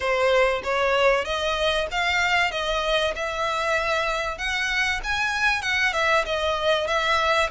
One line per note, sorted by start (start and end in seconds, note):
0.00 0.61 C5
0.63 1.24 C#5
1.24 1.87 D#5
1.91 2.51 F5
2.51 3.13 D#5
3.15 4.38 E5
4.38 5.00 F#5
5.03 5.61 G#5
5.61 5.93 F#5
5.93 6.24 E5
6.25 6.87 D#5
6.87 7.49 E5